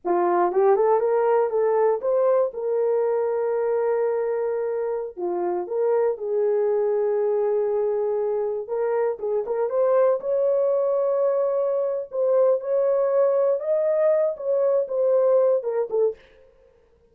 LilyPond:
\new Staff \with { instrumentName = "horn" } { \time 4/4 \tempo 4 = 119 f'4 g'8 a'8 ais'4 a'4 | c''4 ais'2.~ | ais'2~ ais'16 f'4 ais'8.~ | ais'16 gis'2.~ gis'8.~ |
gis'4~ gis'16 ais'4 gis'8 ais'8 c''8.~ | c''16 cis''2.~ cis''8. | c''4 cis''2 dis''4~ | dis''8 cis''4 c''4. ais'8 a'8 | }